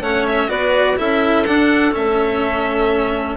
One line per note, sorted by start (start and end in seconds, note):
0.00 0.48 A3
0.00 0.48 C#4
0.00 0.49 C#5
0.00 0.26 F#5
0.27 0.49 E5
0.48 0.97 B3
0.48 0.96 F#4
0.48 0.97 B4
0.48 0.97 D5
0.96 1.47 C#4
0.96 1.45 E4
0.96 3.37 A4
0.96 1.45 E5
1.45 1.92 D4
1.45 1.95 D4
1.45 1.93 F#5
1.92 3.37 A3
1.92 3.36 C#4
1.92 3.37 E5